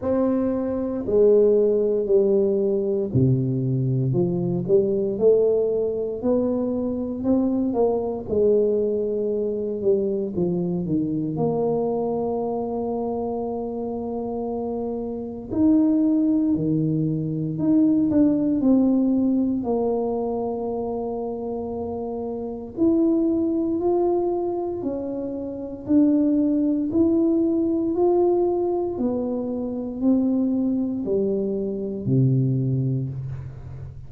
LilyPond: \new Staff \with { instrumentName = "tuba" } { \time 4/4 \tempo 4 = 58 c'4 gis4 g4 c4 | f8 g8 a4 b4 c'8 ais8 | gis4. g8 f8 dis8 ais4~ | ais2. dis'4 |
dis4 dis'8 d'8 c'4 ais4~ | ais2 e'4 f'4 | cis'4 d'4 e'4 f'4 | b4 c'4 g4 c4 | }